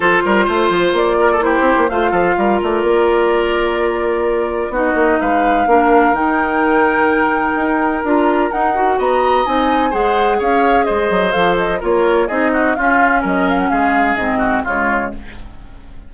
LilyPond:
<<
  \new Staff \with { instrumentName = "flute" } { \time 4/4 \tempo 4 = 127 c''2 d''4 c''4 | f''4. d''2~ d''8~ | d''2 dis''4 f''4~ | f''4 g''2.~ |
g''4 ais''4 fis''4 ais''4 | gis''4 fis''4 f''4 dis''4 | f''8 dis''8 cis''4 dis''4 f''4 | dis''8 f''16 fis''16 f''4 dis''4 cis''4 | }
  \new Staff \with { instrumentName = "oboe" } { \time 4/4 a'8 ais'8 c''4. ais'16 a'16 g'4 | c''8 a'8 ais'2.~ | ais'2 fis'4 b'4 | ais'1~ |
ais'2. dis''4~ | dis''4 c''4 cis''4 c''4~ | c''4 ais'4 gis'8 fis'8 f'4 | ais'4 gis'4. fis'8 f'4 | }
  \new Staff \with { instrumentName = "clarinet" } { \time 4/4 f'2. e'4 | f'1~ | f'2 dis'2 | d'4 dis'2.~ |
dis'4 f'4 dis'8 fis'4. | dis'4 gis'2. | a'4 f'4 dis'4 cis'4~ | cis'2 c'4 gis4 | }
  \new Staff \with { instrumentName = "bassoon" } { \time 4/4 f8 g8 a8 f8 ais4. c'16 ais16 | a8 f8 g8 a8 ais2~ | ais2 b8 ais8 gis4 | ais4 dis2. |
dis'4 d'4 dis'4 b4 | c'4 gis4 cis'4 gis8 fis8 | f4 ais4 c'4 cis'4 | fis4 gis4 gis,4 cis4 | }
>>